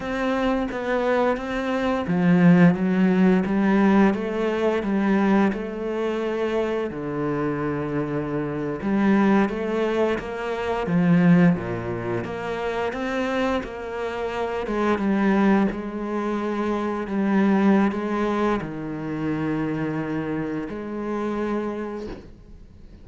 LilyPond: \new Staff \with { instrumentName = "cello" } { \time 4/4 \tempo 4 = 87 c'4 b4 c'4 f4 | fis4 g4 a4 g4 | a2 d2~ | d8. g4 a4 ais4 f16~ |
f8. ais,4 ais4 c'4 ais16~ | ais4~ ais16 gis8 g4 gis4~ gis16~ | gis8. g4~ g16 gis4 dis4~ | dis2 gis2 | }